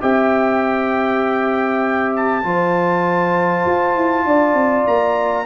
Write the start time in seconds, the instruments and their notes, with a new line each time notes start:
0.00 tuba C4, trombone G4, horn E5, trumpet G5
2.15 trumpet A5
2.43 tuba F3, trombone F4, horn C5
3.65 tuba F4
3.95 tuba E4
4.25 tuba D4, horn D5
4.54 tuba C4
4.87 tuba A#3, trumpet A#5